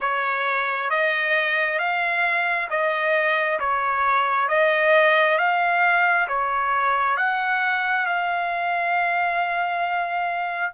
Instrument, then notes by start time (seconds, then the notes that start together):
trumpet
0.00 C#5
0.90 D#5
1.79 F5
2.69 D#5
3.59 C#5
4.48 D#5
5.38 F5
6.27 C#5
7.16 F#5
8.06 F5